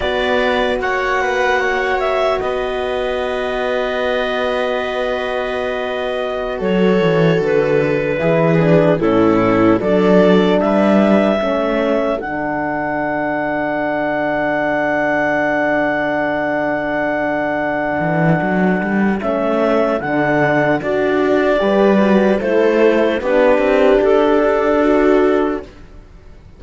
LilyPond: <<
  \new Staff \with { instrumentName = "clarinet" } { \time 4/4 \tempo 4 = 75 d''4 fis''4. e''8 dis''4~ | dis''1~ | dis''16 cis''4 b'2 a'8.~ | a'16 d''4 e''2 fis''8.~ |
fis''1~ | fis''1 | e''4 fis''4 d''2 | c''4 b'4 a'2 | }
  \new Staff \with { instrumentName = "viola" } { \time 4/4 b'4 cis''8 b'8 cis''4 b'4~ | b'1~ | b'16 a'2 gis'4 e'8.~ | e'16 a'4 b'4 a'4.~ a'16~ |
a'1~ | a'1~ | a'2. b'4 | a'4 g'2 fis'4 | }
  \new Staff \with { instrumentName = "horn" } { \time 4/4 fis'1~ | fis'1~ | fis'2~ fis'16 e'8 d'8 cis'8.~ | cis'16 d'2 cis'4 d'8.~ |
d'1~ | d'1 | cis'4 d'4 fis'4 g'8 fis'8 | e'4 d'2. | }
  \new Staff \with { instrumentName = "cello" } { \time 4/4 b4 ais2 b4~ | b1~ | b16 fis8 e8 d4 e4 a,8.~ | a,16 fis4 g4 a4 d8.~ |
d1~ | d2~ d8 e8 fis8 g8 | a4 d4 d'4 g4 | a4 b8 c'8 d'2 | }
>>